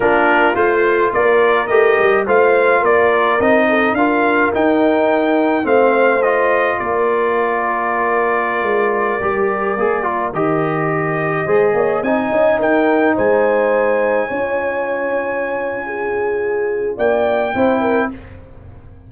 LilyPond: <<
  \new Staff \with { instrumentName = "trumpet" } { \time 4/4 \tempo 4 = 106 ais'4 c''4 d''4 dis''4 | f''4 d''4 dis''4 f''4 | g''2 f''4 dis''4 | d''1~ |
d''2~ d''16 dis''4.~ dis''16~ | dis''4~ dis''16 gis''4 g''4 gis''8.~ | gis''1~ | gis''2 g''2 | }
  \new Staff \with { instrumentName = "horn" } { \time 4/4 f'2 ais'2 | c''4 ais'4. a'8 ais'4~ | ais'2 c''2 | ais'1~ |
ais'1~ | ais'16 c''8 cis''8 dis''4 ais'4 c''8.~ | c''4~ c''16 cis''2~ cis''8. | gis'2 d''4 c''8 ais'8 | }
  \new Staff \with { instrumentName = "trombone" } { \time 4/4 d'4 f'2 g'4 | f'2 dis'4 f'4 | dis'2 c'4 f'4~ | f'1~ |
f'16 g'4 gis'8 f'8 g'4.~ g'16~ | g'16 gis'4 dis'2~ dis'8.~ | dis'4~ dis'16 f'2~ f'8.~ | f'2. e'4 | }
  \new Staff \with { instrumentName = "tuba" } { \time 4/4 ais4 a4 ais4 a8 g8 | a4 ais4 c'4 d'4 | dis'2 a2 | ais2.~ ais16 gis8.~ |
gis16 g4 ais4 dis4.~ dis16~ | dis16 gis8 ais8 c'8 cis'8 dis'4 gis8.~ | gis4~ gis16 cis'2~ cis'8.~ | cis'2 ais4 c'4 | }
>>